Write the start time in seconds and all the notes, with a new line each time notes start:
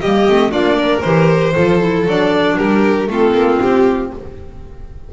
0.00 G3 A#3 G4 D#5
0.29 A3 C4
0.50 A#3 D4 F4 D5
0.76 A#4
1.01 E3 G4 C5
1.53 F3 F4 A4
1.79 E4
2.06 F#3 D4 D5
2.57 G3 G4 A#4
3.07 A3 C4 F4 A4
3.33 A#3
3.60 C4 G4